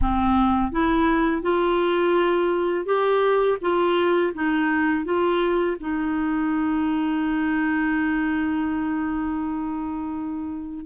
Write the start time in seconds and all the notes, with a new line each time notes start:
0.01 C4
0.71 E4
1.42 F4
2.85 G4
3.61 F4
4.33 D#4
5.04 F4
5.80 D#4